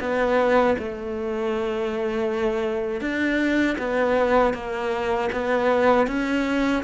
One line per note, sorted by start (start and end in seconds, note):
0.00 0.76 B3
0.79 3.01 A3
3.01 3.77 D4
3.79 4.54 B3
4.54 5.30 A#3
5.32 6.07 B3
6.07 6.83 C#4